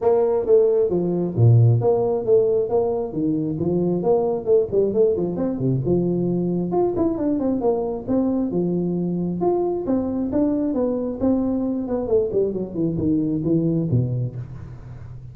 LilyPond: \new Staff \with { instrumentName = "tuba" } { \time 4/4 \tempo 4 = 134 ais4 a4 f4 ais,4 | ais4 a4 ais4 dis4 | f4 ais4 a8 g8 a8 f8 | c'8 c8 f2 f'8 e'8 |
d'8 c'8 ais4 c'4 f4~ | f4 f'4 c'4 d'4 | b4 c'4. b8 a8 g8 | fis8 e8 dis4 e4 b,4 | }